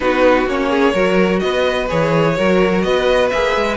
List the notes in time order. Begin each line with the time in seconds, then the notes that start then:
0.00 B3 D#4 F#4 B4
0.46 A#3 C#4 C#5
0.69 G#4
0.93 F#3 F#4 A#4
1.39 B3 B4 D#5
1.88 E3 G#4 C#5
2.36 F#3 F#4 A#4
2.81 B3 B4 D#5
3.29 A#3 G#4 E5
3.56 G#3